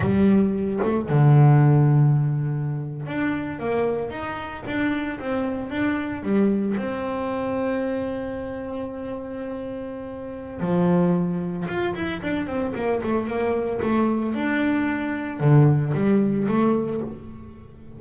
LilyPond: \new Staff \with { instrumentName = "double bass" } { \time 4/4 \tempo 4 = 113 g4. a8 d2~ | d4.~ d16 d'4 ais4 dis'16~ | dis'8. d'4 c'4 d'4 g16~ | g8. c'2.~ c'16~ |
c'1 | f2 f'8 e'8 d'8 c'8 | ais8 a8 ais4 a4 d'4~ | d'4 d4 g4 a4 | }